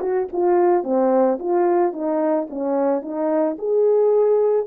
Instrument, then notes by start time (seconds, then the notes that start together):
horn
0.00 F#4
0.32 F4
0.83 C4
1.39 F4
1.93 D#4
2.49 C#4
3.02 D#4
3.58 G#4